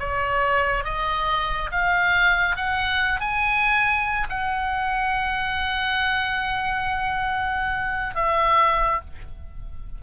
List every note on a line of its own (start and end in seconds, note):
0.00 0.85 C#5
0.85 1.71 D#5
1.72 2.57 F5
2.57 3.21 F#5
3.21 4.28 G#5
4.30 8.15 F#5
8.15 9.01 E5